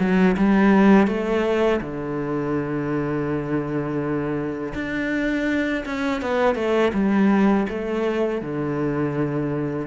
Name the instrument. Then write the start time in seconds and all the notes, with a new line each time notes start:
cello
0.00 F#3
0.38 G3
1.08 A3
1.81 D3
4.75 D4
5.86 C#4
6.22 B3
6.56 A3
6.94 G3
7.69 A3
8.42 D3